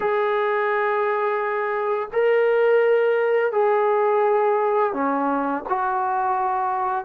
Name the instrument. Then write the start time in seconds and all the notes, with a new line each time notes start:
trombone
0.00 G#4
2.12 A#4
3.51 G#4
4.93 C#4
5.68 F#4